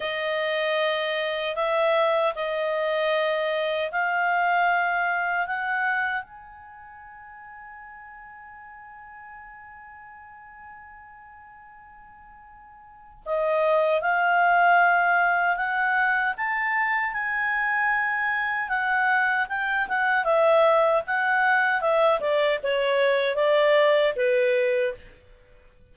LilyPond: \new Staff \with { instrumentName = "clarinet" } { \time 4/4 \tempo 4 = 77 dis''2 e''4 dis''4~ | dis''4 f''2 fis''4 | gis''1~ | gis''1~ |
gis''4 dis''4 f''2 | fis''4 a''4 gis''2 | fis''4 g''8 fis''8 e''4 fis''4 | e''8 d''8 cis''4 d''4 b'4 | }